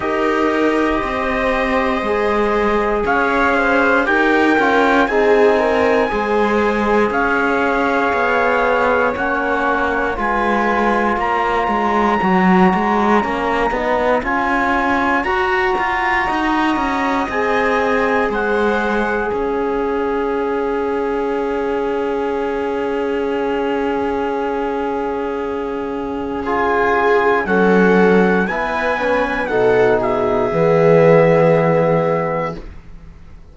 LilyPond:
<<
  \new Staff \with { instrumentName = "trumpet" } { \time 4/4 \tempo 4 = 59 dis''2. f''4 | g''4 gis''2 f''4~ | f''4 fis''4 gis''4 ais''4~ | ais''2 gis''4 ais''4~ |
ais''4 gis''4 fis''4 f''4~ | f''1~ | f''2 gis''4 fis''4 | gis''4 fis''8 e''2~ e''8 | }
  \new Staff \with { instrumentName = "viola" } { \time 4/4 ais'4 c''2 cis''8 c''8 | ais'4 gis'8 ais'8 c''4 cis''4~ | cis''2 b'4 cis''4~ | cis''1 |
dis''2 c''4 cis''4~ | cis''1~ | cis''2 gis'4 a'4 | b'4 a'8 gis'2~ gis'8 | }
  \new Staff \with { instrumentName = "trombone" } { \time 4/4 g'2 gis'2 | g'8 f'8 dis'4 gis'2~ | gis'4 cis'4 f'2 | fis'4 cis'8 dis'8 f'4 fis'4~ |
fis'4 gis'2.~ | gis'1~ | gis'2 f'4 cis'4 | e'8 cis'8 dis'4 b2 | }
  \new Staff \with { instrumentName = "cello" } { \time 4/4 dis'4 c'4 gis4 cis'4 | dis'8 cis'8 c'4 gis4 cis'4 | b4 ais4 gis4 ais8 gis8 | fis8 gis8 ais8 b8 cis'4 fis'8 f'8 |
dis'8 cis'8 c'4 gis4 cis'4~ | cis'1~ | cis'2. fis4 | b4 b,4 e2 | }
>>